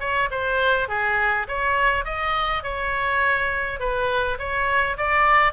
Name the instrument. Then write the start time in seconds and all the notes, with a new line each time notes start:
oboe
0.00 C#5
0.31 C5
0.88 G#4
1.48 C#5
2.05 D#5
2.63 C#5
3.80 B4
4.39 C#5
4.97 D5